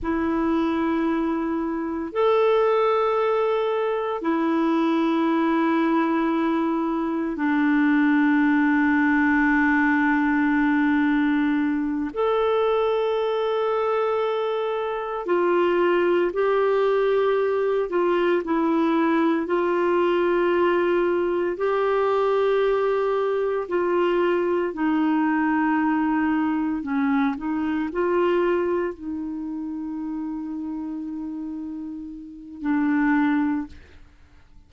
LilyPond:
\new Staff \with { instrumentName = "clarinet" } { \time 4/4 \tempo 4 = 57 e'2 a'2 | e'2. d'4~ | d'2.~ d'8 a'8~ | a'2~ a'8 f'4 g'8~ |
g'4 f'8 e'4 f'4.~ | f'8 g'2 f'4 dis'8~ | dis'4. cis'8 dis'8 f'4 dis'8~ | dis'2. d'4 | }